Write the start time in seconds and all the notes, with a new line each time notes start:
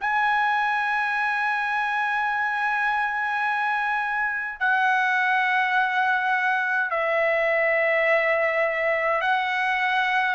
0.00 G#5
4.59 F#5
6.90 E5
9.22 F#5